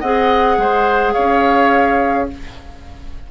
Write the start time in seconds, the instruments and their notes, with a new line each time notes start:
0.00 bassoon C4, clarinet G#4, oboe D#5, flute F#5
0.58 bassoon G#3, oboe C5
1.13 bassoon C#4, oboe C#5, flute F5